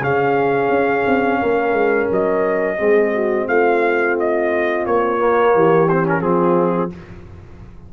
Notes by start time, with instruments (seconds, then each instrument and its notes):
0.00 tuba C#3, trombone C#4, horn G#4, trumpet F5
0.70 tuba C#4
1.07 tuba C4
1.41 tuba A#3, horn A#4
1.73 tuba G#3
2.11 tuba F#3, trumpet D#5
2.78 tuba G#3, trombone C4, horn G#4
3.14 horn F#4
3.48 tuba A3, horn F4, trumpet F5
4.20 trumpet D#5
4.86 tuba A#3, trumpet C#5
5.19 trombone A#3
5.55 tuba E3, horn G4
5.89 trombone C4, trumpet C5
6.04 trombone C#4, trumpet A#4
6.21 tuba F3, trombone C4, horn F4, trumpet G#4